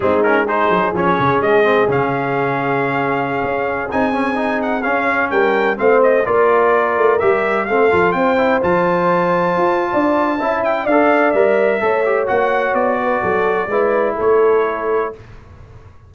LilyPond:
<<
  \new Staff \with { instrumentName = "trumpet" } { \time 4/4 \tempo 4 = 127 gis'8 ais'8 c''4 cis''4 dis''4 | f''1~ | f''16 gis''4. fis''8 f''4 g''8.~ | g''16 f''8 dis''8 d''2 e''8.~ |
e''16 f''4 g''4 a''4.~ a''16~ | a''2~ a''8 g''8 f''4 | e''2 fis''4 d''4~ | d''2 cis''2 | }
  \new Staff \with { instrumentName = "horn" } { \time 4/4 dis'4 gis'2.~ | gis'1~ | gis'2.~ gis'16 ais'8.~ | ais'16 c''4 ais'2~ ais'8.~ |
ais'16 a'4 c''2~ c''8.~ | c''4 d''4 e''4 d''4~ | d''4 cis''2~ cis''8 b'8 | a'4 b'4 a'2 | }
  \new Staff \with { instrumentName = "trombone" } { \time 4/4 c'8 cis'8 dis'4 cis'4. c'8 | cis'1~ | cis'16 dis'8 cis'8 dis'4 cis'4.~ cis'16~ | cis'16 c'4 f'2 g'8.~ |
g'16 c'8 f'4 e'8 f'4.~ f'16~ | f'2 e'4 a'4 | ais'4 a'8 g'8 fis'2~ | fis'4 e'2. | }
  \new Staff \with { instrumentName = "tuba" } { \time 4/4 gis4. fis8 f8 cis8 gis4 | cis2.~ cis16 cis'8.~ | cis'16 c'2 cis'4 g8.~ | g16 a4 ais4. a8 g8.~ |
g16 a8 f8 c'4 f4.~ f16~ | f16 f'8. d'4 cis'4 d'4 | g4 a4 ais4 b4 | fis4 gis4 a2 | }
>>